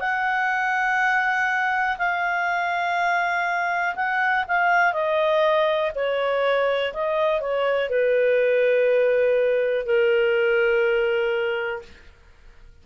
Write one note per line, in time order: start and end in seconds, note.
0.00 1.97 F#5
1.98 3.95 F5
3.95 4.44 F#5
4.48 4.93 F5
4.93 5.92 D#5
5.95 6.93 C#5
6.94 7.41 D#5
7.41 7.90 C#5
7.90 9.86 B4
9.86 11.83 A#4